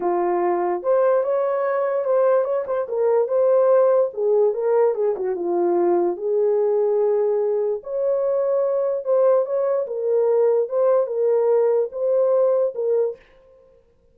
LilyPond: \new Staff \with { instrumentName = "horn" } { \time 4/4 \tempo 4 = 146 f'2 c''4 cis''4~ | cis''4 c''4 cis''8 c''8 ais'4 | c''2 gis'4 ais'4 | gis'8 fis'8 f'2 gis'4~ |
gis'2. cis''4~ | cis''2 c''4 cis''4 | ais'2 c''4 ais'4~ | ais'4 c''2 ais'4 | }